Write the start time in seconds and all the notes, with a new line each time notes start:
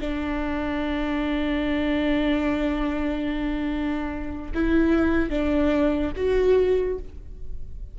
0.00 D4
4.54 E4
5.29 D4
6.16 F#4